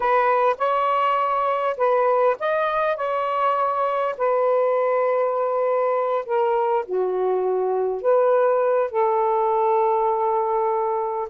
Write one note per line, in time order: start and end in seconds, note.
0.00 0.56 B4
0.58 1.77 C#5
1.77 2.36 B4
2.39 2.96 D#5
2.96 4.15 C#5
4.17 6.25 B4
6.25 6.85 A#4
6.86 8.01 F#4
8.01 8.90 B4
8.90 11.28 A4